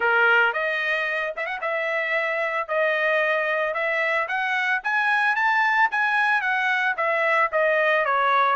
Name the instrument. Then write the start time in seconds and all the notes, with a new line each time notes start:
trumpet
0.00 A#4
0.53 D#5
1.36 E5
1.46 F#5
1.61 E5
2.68 D#5
3.74 E5
4.27 F#5
4.83 G#5
5.35 A5
5.91 G#5
6.41 F#5
6.96 E5
7.52 D#5
8.05 C#5